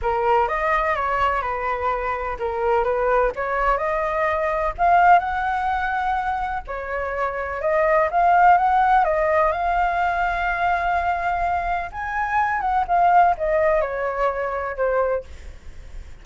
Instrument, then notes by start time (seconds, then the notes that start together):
flute
0.02 A#4
0.47 D#5
0.95 C#5
1.41 B4
2.39 A#4
2.84 B4
3.35 C#5
3.77 D#5
4.77 F5
5.19 F#5
6.67 C#5
7.61 D#5
8.11 F5
8.57 F#5
9.04 D#5
9.52 F5
11.92 G#5
12.60 F#5
12.87 F5
13.37 D#5
13.81 C#5
14.76 C5